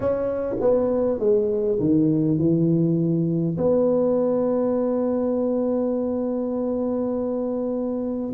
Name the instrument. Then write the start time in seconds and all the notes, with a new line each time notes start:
tuba
0.00 C#4
0.60 B3
1.19 G#3
1.79 D#3
2.38 E3
3.57 B3